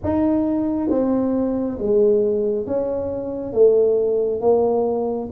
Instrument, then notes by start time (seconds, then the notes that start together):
tuba
0.03 D#4
0.89 C4
1.78 G#3
2.66 C#4
3.53 A3
4.40 A#3